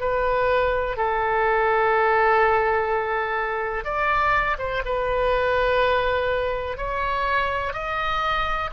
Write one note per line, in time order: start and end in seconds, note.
0.00 0.96 B4
0.96 3.84 A4
3.84 4.57 D5
4.58 4.82 C5
4.85 6.77 B4
6.77 7.73 C#5
7.73 8.70 D#5